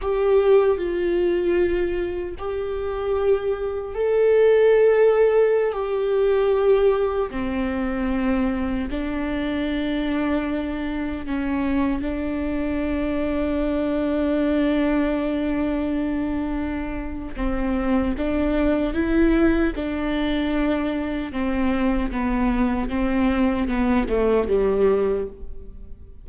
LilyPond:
\new Staff \with { instrumentName = "viola" } { \time 4/4 \tempo 4 = 76 g'4 f'2 g'4~ | g'4 a'2~ a'16 g'8.~ | g'4~ g'16 c'2 d'8.~ | d'2~ d'16 cis'4 d'8.~ |
d'1~ | d'2 c'4 d'4 | e'4 d'2 c'4 | b4 c'4 b8 a8 g4 | }